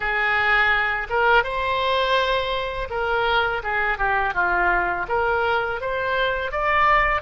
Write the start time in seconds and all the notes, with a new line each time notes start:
0.00 G#4
1.09 A#4
1.43 C5
2.90 A#4
3.63 G#4
3.98 G4
4.34 F4
5.08 A#4
5.80 C5
6.51 D5